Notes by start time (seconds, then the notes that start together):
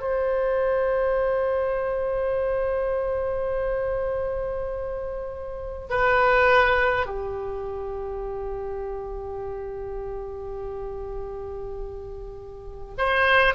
0.00 C5
5.90 B4
7.06 G4
12.98 C5